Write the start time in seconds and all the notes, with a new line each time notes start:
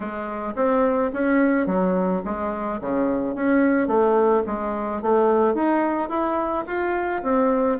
0.00 G#3
0.55 C4
1.13 C#4
1.66 F#3
2.24 G#3
2.80 C#3
3.35 C#4
3.87 A3
4.46 G#3
5.02 A3
5.54 D#4
6.09 E4
6.66 F4
7.22 C4